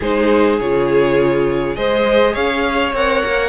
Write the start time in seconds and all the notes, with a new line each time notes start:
0.00 G#3 D#4 G#4 C5
0.60 C#3 F4 C#5
1.75 G#3 G#4 C5 D#5
2.33 C#4 C#5 F5
2.92 C4 A#4 F#5
3.25 A#3